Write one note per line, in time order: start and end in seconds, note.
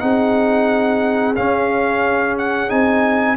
0.00 1.37 C4
0.00 1.35 D#4
0.00 3.38 G#4
0.00 1.35 F#5
1.36 2.69 C#4
1.36 2.71 C#4
1.36 2.37 F5
2.39 2.70 F#5
2.69 3.38 C4
2.69 3.37 D#4
2.69 3.37 G#5